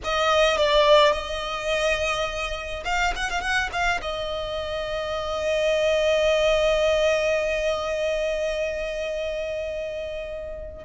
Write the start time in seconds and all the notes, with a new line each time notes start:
0.04 D#5
0.57 D5
1.12 D#5
2.84 F5
3.15 F#5
3.30 F5
3.41 F#5
3.72 F5
4.01 D#5